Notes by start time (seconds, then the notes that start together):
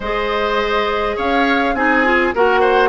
0.00 G#3 G#4 C5 D#5
1.16 C#4 C#5 F5
1.74 C4 D#4 G#4 G#5
2.04 F4
2.34 A#3 F#4 A#4 F#5
2.60 C5